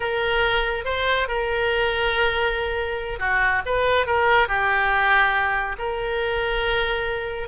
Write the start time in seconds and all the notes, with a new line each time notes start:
0.00 A#4
0.85 C5
1.28 A#4
3.19 F#4
3.65 B4
4.06 A#4
4.48 G4
5.78 A#4